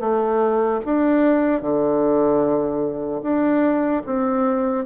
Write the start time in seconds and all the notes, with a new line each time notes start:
0.00 A3
0.85 D4
1.62 D3
3.22 D4
4.06 C4